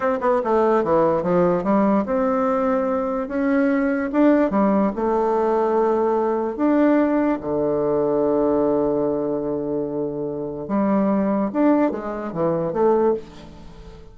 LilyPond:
\new Staff \with { instrumentName = "bassoon" } { \time 4/4 \tempo 4 = 146 c'8 b8 a4 e4 f4 | g4 c'2. | cis'2 d'4 g4 | a1 |
d'2 d2~ | d1~ | d2 g2 | d'4 gis4 e4 a4 | }